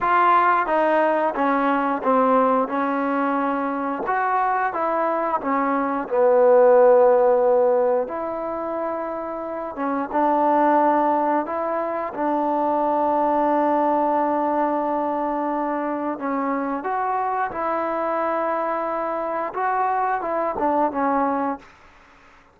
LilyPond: \new Staff \with { instrumentName = "trombone" } { \time 4/4 \tempo 4 = 89 f'4 dis'4 cis'4 c'4 | cis'2 fis'4 e'4 | cis'4 b2. | e'2~ e'8 cis'8 d'4~ |
d'4 e'4 d'2~ | d'1 | cis'4 fis'4 e'2~ | e'4 fis'4 e'8 d'8 cis'4 | }